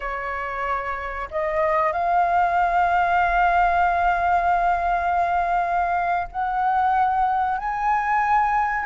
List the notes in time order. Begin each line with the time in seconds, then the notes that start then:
0.00 C#5
1.30 D#5
1.92 F5
6.31 F#5
7.58 G#5